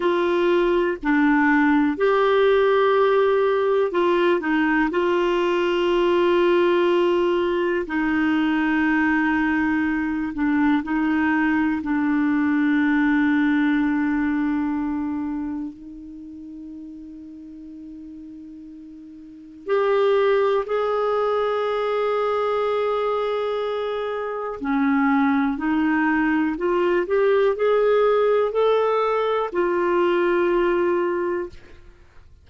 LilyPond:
\new Staff \with { instrumentName = "clarinet" } { \time 4/4 \tempo 4 = 61 f'4 d'4 g'2 | f'8 dis'8 f'2. | dis'2~ dis'8 d'8 dis'4 | d'1 |
dis'1 | g'4 gis'2.~ | gis'4 cis'4 dis'4 f'8 g'8 | gis'4 a'4 f'2 | }